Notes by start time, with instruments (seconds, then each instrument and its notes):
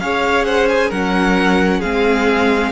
0.00 cello C#4, viola G#4, violin C#5 F5
0.45 violin C5 F#5
0.68 violin G#5
0.89 cello F#3, viola C#4, violin A#4 F#5
1.79 cello G#3, viola C4, violin G#4 F5